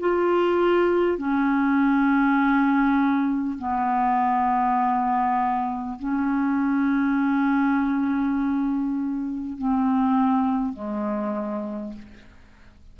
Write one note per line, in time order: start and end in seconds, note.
0.00 1.18 F4
1.18 3.58 C#4
3.58 5.98 B3
5.99 9.58 C#4
9.58 10.73 C4
10.73 11.93 G#3